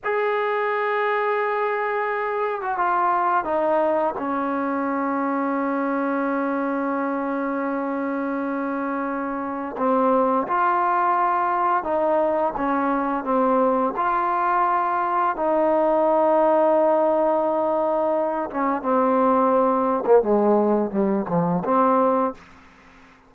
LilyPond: \new Staff \with { instrumentName = "trombone" } { \time 4/4 \tempo 4 = 86 gis'2.~ gis'8. fis'16 | f'4 dis'4 cis'2~ | cis'1~ | cis'2 c'4 f'4~ |
f'4 dis'4 cis'4 c'4 | f'2 dis'2~ | dis'2~ dis'8 cis'8 c'4~ | c'8. ais16 gis4 g8 f8 c'4 | }